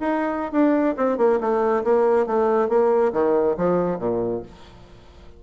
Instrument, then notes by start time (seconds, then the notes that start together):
bassoon
0.00 D#4
0.52 D4
0.97 C4
1.18 A#3
1.40 A3
1.84 A#3
2.26 A3
2.69 A#3
3.13 D#3
3.57 F3
3.99 A#2